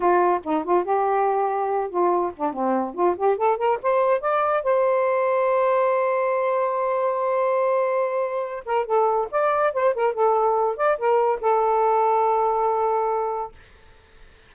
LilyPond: \new Staff \with { instrumentName = "saxophone" } { \time 4/4 \tempo 4 = 142 f'4 dis'8 f'8 g'2~ | g'8 f'4 d'8 c'4 f'8 g'8 | a'8 ais'8 c''4 d''4 c''4~ | c''1~ |
c''1~ | c''8 ais'8 a'4 d''4 c''8 ais'8 | a'4. d''8 ais'4 a'4~ | a'1 | }